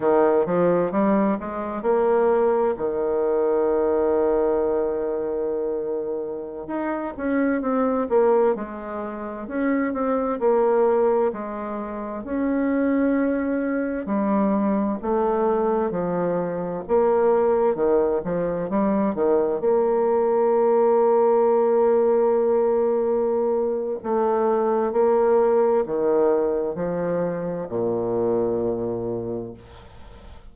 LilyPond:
\new Staff \with { instrumentName = "bassoon" } { \time 4/4 \tempo 4 = 65 dis8 f8 g8 gis8 ais4 dis4~ | dis2.~ dis16 dis'8 cis'16~ | cis'16 c'8 ais8 gis4 cis'8 c'8 ais8.~ | ais16 gis4 cis'2 g8.~ |
g16 a4 f4 ais4 dis8 f16~ | f16 g8 dis8 ais2~ ais8.~ | ais2 a4 ais4 | dis4 f4 ais,2 | }